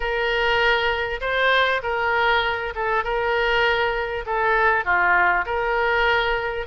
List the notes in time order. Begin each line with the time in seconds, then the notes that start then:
0.00 A#4
1.21 C5
1.82 A#4
2.75 A4
3.04 A#4
4.26 A4
4.84 F4
5.45 A#4